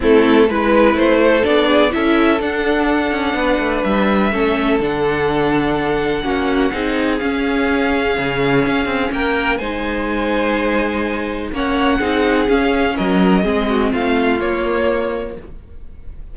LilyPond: <<
  \new Staff \with { instrumentName = "violin" } { \time 4/4 \tempo 4 = 125 a'4 b'4 c''4 d''4 | e''4 fis''2. | e''2 fis''2~ | fis''2. f''4~ |
f''2. g''4 | gis''1 | fis''2 f''4 dis''4~ | dis''4 f''4 cis''2 | }
  \new Staff \with { instrumentName = "violin" } { \time 4/4 e'4 b'4. a'4 gis'8 | a'2. b'4~ | b'4 a'2.~ | a'4 fis'4 gis'2~ |
gis'2. ais'4 | c''1 | cis''4 gis'2 ais'4 | gis'8 fis'8 f'2. | }
  \new Staff \with { instrumentName = "viola" } { \time 4/4 c'4 e'2 d'4 | e'4 d'2.~ | d'4 cis'4 d'2~ | d'4 cis'4 dis'4 cis'4~ |
cis'1 | dis'1 | cis'4 dis'4 cis'2 | c'2 ais2 | }
  \new Staff \with { instrumentName = "cello" } { \time 4/4 a4 gis4 a4 b4 | cis'4 d'4. cis'8 b8 a8 | g4 a4 d2~ | d4 ais4 c'4 cis'4~ |
cis'4 cis4 cis'8 c'8 ais4 | gis1 | ais4 c'4 cis'4 fis4 | gis4 a4 ais2 | }
>>